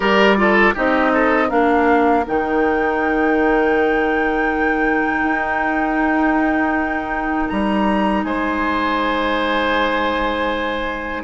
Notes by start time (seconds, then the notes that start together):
0.00 G3 G4 A#4 D5
0.36 F4 A4
0.74 C4 D#4 G4 D#5
1.13 A4
1.48 A#3 D4 A#4 F5
2.26 D#3 D#4 G5
5.23 D#4
7.48 G3 A#5
8.24 G#3 C5 G#5